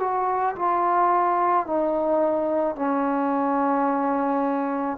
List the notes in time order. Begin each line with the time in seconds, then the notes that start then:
0.00 F#4
0.56 F4
1.67 D#4
2.76 C#4